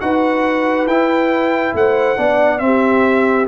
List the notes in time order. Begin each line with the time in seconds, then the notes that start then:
0.00 D#4 F#4 B4 F#5
0.86 E4 G5
1.73 A3 C5 F#5
2.16 B3 D4 D5
2.59 C4 E5
2.65 G4